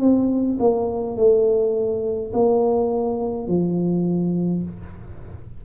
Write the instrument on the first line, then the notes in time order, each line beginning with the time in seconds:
tuba
0.00 C4
0.59 A#3
1.16 A3
2.33 A#3
3.47 F3